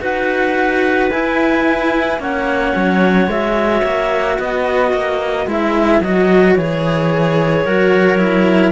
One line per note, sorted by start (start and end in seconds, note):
0.00 1.10 D#4
0.00 1.09 F#4
0.00 2.20 B4
0.00 1.10 F#5
1.10 2.18 E4
1.10 2.19 E4
1.10 2.19 G#5
2.18 2.72 A#3
2.18 3.28 C#4
2.18 4.37 C#5
2.18 3.30 F#5
2.75 3.27 F#3
3.27 3.81 G#3
3.27 5.47 F#4
3.27 4.39 E5
3.84 4.38 A#3
4.37 4.93 B3
4.37 7.63 B4
4.37 5.48 D#5
4.93 5.46 A#3
5.46 6.00 G#3
5.46 6.02 E4
5.46 6.02 E5
6.00 6.55 F#3
6.00 6.58 F#4
6.00 6.54 D#5
6.54 7.65 E3
6.54 7.67 G#4
6.54 8.72 C#5
7.63 8.72 F#3
7.63 8.17 F#4
7.63 8.72 A#4
8.17 8.72 E4